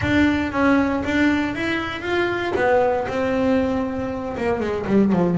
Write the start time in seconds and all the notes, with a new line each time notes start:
0.01 D4
0.52 C#4
1.04 D4
1.55 E4
2.01 F4
2.55 B3
3.08 C4
4.37 A#3
4.60 G#3
4.86 G3
5.12 F3